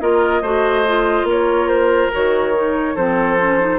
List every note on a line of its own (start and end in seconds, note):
0.00 0.41 A#3
0.00 0.43 F4
0.00 0.42 A#4
0.00 1.27 D#5
0.41 1.23 A3
0.41 0.85 F#4
0.41 1.26 C5
0.87 2.12 F4
1.23 2.08 A#3
1.23 2.94 A#4
1.30 1.68 C#5
1.68 2.11 C5
2.12 2.96 D#3
2.12 2.54 F#4
2.12 2.96 C#5
2.54 2.96 D#4
2.94 3.79 F3
2.94 3.38 C4
2.94 3.79 A4
2.94 3.79 C5
3.39 3.60 C#4
3.60 3.79 D#4